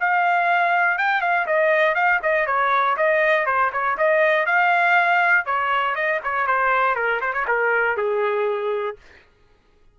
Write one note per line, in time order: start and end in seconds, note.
0.00 0.98 F5
0.98 1.21 G5
1.21 1.46 F5
1.46 1.95 D#5
1.95 2.20 F5
2.22 2.46 D#5
2.46 2.96 C#5
2.97 3.46 D#5
3.46 3.71 C5
3.72 3.97 C#5
3.97 4.46 D#5
4.46 5.46 F5
5.46 5.95 C#5
5.95 6.20 D#5
6.23 6.47 C#5
6.47 6.95 C5
6.95 7.20 A#4
7.21 7.33 C5
7.33 7.45 C#5
7.47 7.97 A#4
7.97 8.97 G#4